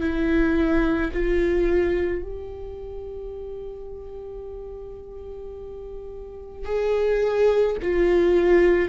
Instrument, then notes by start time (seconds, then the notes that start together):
viola
0.00 E4
1.13 F4
2.22 G4
6.65 G#4
7.81 F4